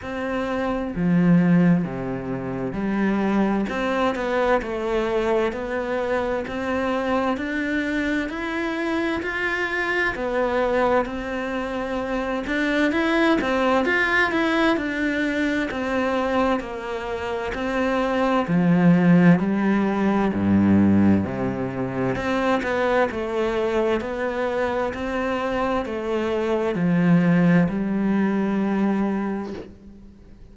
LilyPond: \new Staff \with { instrumentName = "cello" } { \time 4/4 \tempo 4 = 65 c'4 f4 c4 g4 | c'8 b8 a4 b4 c'4 | d'4 e'4 f'4 b4 | c'4. d'8 e'8 c'8 f'8 e'8 |
d'4 c'4 ais4 c'4 | f4 g4 g,4 c4 | c'8 b8 a4 b4 c'4 | a4 f4 g2 | }